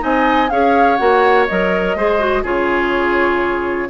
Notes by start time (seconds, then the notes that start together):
0.00 C4 D#4 D#5 G#5
0.50 C#4 G#4 C#5 F5
0.97 A#3 F#4 F#5
1.47 F#3 A#4 D#5
1.96 G#3 G#4 C5
2.20 F#4
2.43 C#3 F4 G#4 C#5